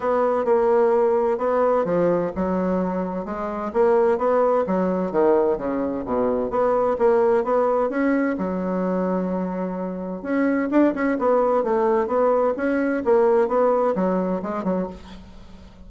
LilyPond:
\new Staff \with { instrumentName = "bassoon" } { \time 4/4 \tempo 4 = 129 b4 ais2 b4 | f4 fis2 gis4 | ais4 b4 fis4 dis4 | cis4 b,4 b4 ais4 |
b4 cis'4 fis2~ | fis2 cis'4 d'8 cis'8 | b4 a4 b4 cis'4 | ais4 b4 fis4 gis8 fis8 | }